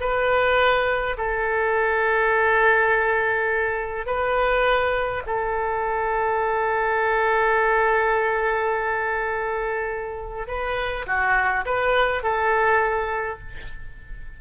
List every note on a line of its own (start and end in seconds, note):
0.00 1.17 B4
1.17 4.06 A4
4.06 5.22 B4
5.26 10.47 A4
10.47 11.05 B4
11.07 11.65 F#4
11.65 12.23 B4
12.23 13.39 A4